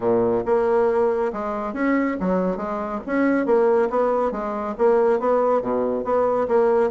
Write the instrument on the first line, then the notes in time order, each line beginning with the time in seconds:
bassoon
0.00 A#2
0.45 A#3
1.33 G#3
1.73 C#4
2.20 F#3
2.56 G#3
3.06 C#4
3.45 A#3
3.90 B3
4.31 G#3
4.78 A#3
5.19 B3
5.61 B2
6.04 B3
6.48 A#3